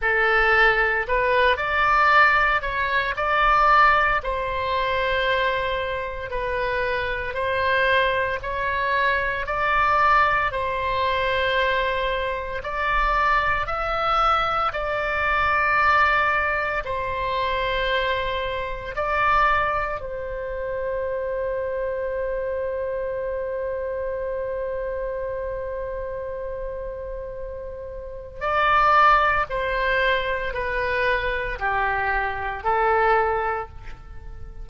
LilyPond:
\new Staff \with { instrumentName = "oboe" } { \time 4/4 \tempo 4 = 57 a'4 b'8 d''4 cis''8 d''4 | c''2 b'4 c''4 | cis''4 d''4 c''2 | d''4 e''4 d''2 |
c''2 d''4 c''4~ | c''1~ | c''2. d''4 | c''4 b'4 g'4 a'4 | }